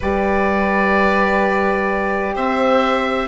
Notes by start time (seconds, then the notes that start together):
0.00 G3 G4 B4 D5
2.34 C4 C5 E5